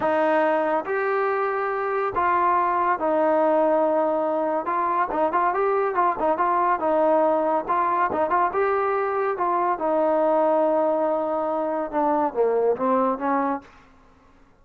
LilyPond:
\new Staff \with { instrumentName = "trombone" } { \time 4/4 \tempo 4 = 141 dis'2 g'2~ | g'4 f'2 dis'4~ | dis'2. f'4 | dis'8 f'8 g'4 f'8 dis'8 f'4 |
dis'2 f'4 dis'8 f'8 | g'2 f'4 dis'4~ | dis'1 | d'4 ais4 c'4 cis'4 | }